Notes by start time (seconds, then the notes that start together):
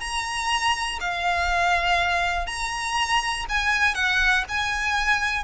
0.00 A#5
1.00 F5
2.46 A#5
3.49 G#5
3.94 F#5
4.49 G#5